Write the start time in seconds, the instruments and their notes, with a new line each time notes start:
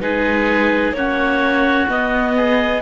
0.00 cello G#3, viola D#4, oboe G#4, clarinet B4
0.92 cello A#3, viola C#4, oboe F#4, clarinet C#5
1.88 viola B3, cello B3, clarinet D#5
2.36 oboe G#4